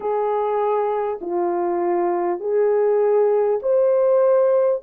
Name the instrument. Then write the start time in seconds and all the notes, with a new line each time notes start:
horn
0.00 G#4
1.21 F4
2.40 G#4
3.62 C5